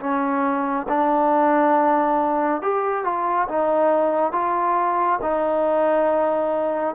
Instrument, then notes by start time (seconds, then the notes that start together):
trombone
0.00 C#4
0.89 D4
2.62 G4
3.05 F4
3.49 D#4
4.33 F4
5.22 D#4